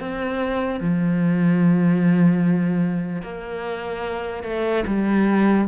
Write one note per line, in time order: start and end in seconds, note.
0.00 0.80 C4
0.80 3.22 F3
3.22 4.44 A#3
4.44 4.84 A3
4.87 5.68 G3